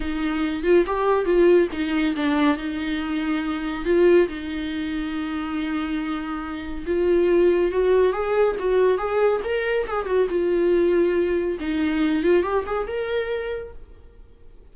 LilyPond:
\new Staff \with { instrumentName = "viola" } { \time 4/4 \tempo 4 = 140 dis'4. f'8 g'4 f'4 | dis'4 d'4 dis'2~ | dis'4 f'4 dis'2~ | dis'1 |
f'2 fis'4 gis'4 | fis'4 gis'4 ais'4 gis'8 fis'8 | f'2. dis'4~ | dis'8 f'8 g'8 gis'8 ais'2 | }